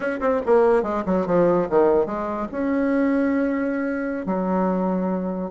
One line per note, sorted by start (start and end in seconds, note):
0.00 0.20 C#4
0.20 0.41 C4
0.46 0.82 A#3
0.82 1.03 G#3
1.05 1.26 F#3
1.26 1.68 F3
1.69 2.05 D#3
2.05 2.47 G#3
2.51 4.26 C#4
4.26 5.51 F#3